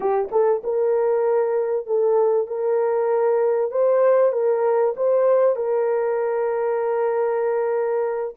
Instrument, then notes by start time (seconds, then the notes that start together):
horn
0.00 G4
0.31 A4
0.63 A#4
1.86 A4
2.47 A#4
3.71 C5
4.32 A#4
4.96 C5
5.56 A#4